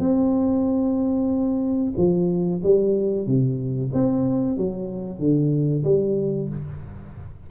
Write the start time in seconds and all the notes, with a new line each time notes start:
0.00 C4
1.98 F3
2.64 G3
3.27 C3
3.94 C4
4.57 F#3
5.19 D3
5.84 G3